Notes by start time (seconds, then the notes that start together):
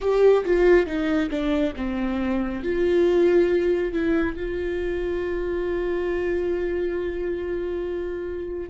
0.00 G4
0.45 F4
0.86 D#4
1.30 D4
1.76 C4
2.63 F4
3.92 E4
4.36 F4